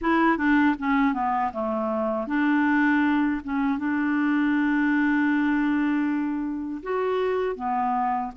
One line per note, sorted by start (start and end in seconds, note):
0.01 0.37 E4
0.37 0.75 D4
0.78 1.13 C#4
1.13 1.51 B3
1.52 2.27 A3
2.27 3.41 D4
3.44 3.78 C#4
3.78 6.81 D4
6.83 7.55 F#4
7.55 8.31 B3